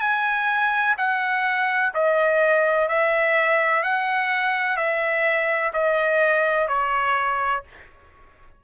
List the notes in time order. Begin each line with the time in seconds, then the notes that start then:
0.00 G#5
0.98 F#5
1.94 D#5
2.88 E5
3.83 F#5
4.77 E5
5.73 D#5
6.68 C#5